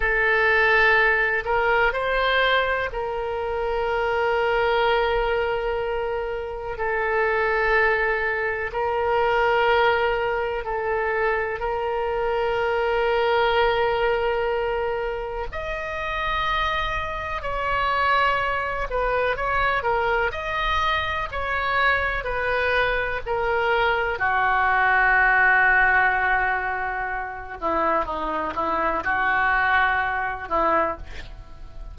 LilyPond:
\new Staff \with { instrumentName = "oboe" } { \time 4/4 \tempo 4 = 62 a'4. ais'8 c''4 ais'4~ | ais'2. a'4~ | a'4 ais'2 a'4 | ais'1 |
dis''2 cis''4. b'8 | cis''8 ais'8 dis''4 cis''4 b'4 | ais'4 fis'2.~ | fis'8 e'8 dis'8 e'8 fis'4. e'8 | }